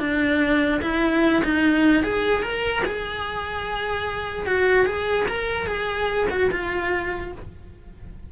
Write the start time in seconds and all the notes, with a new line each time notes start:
0.00 D4
0.83 E4
1.45 D#4
2.04 G#4
2.43 A#4
2.85 G#4
4.47 F#4
4.86 G#4
5.29 A#4
5.67 G#4
6.31 F#4
6.52 F4